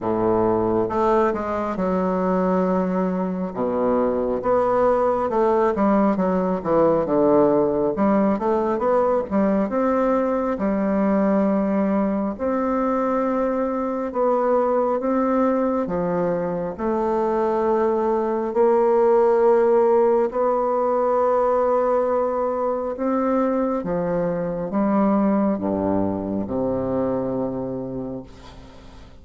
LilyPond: \new Staff \with { instrumentName = "bassoon" } { \time 4/4 \tempo 4 = 68 a,4 a8 gis8 fis2 | b,4 b4 a8 g8 fis8 e8 | d4 g8 a8 b8 g8 c'4 | g2 c'2 |
b4 c'4 f4 a4~ | a4 ais2 b4~ | b2 c'4 f4 | g4 g,4 c2 | }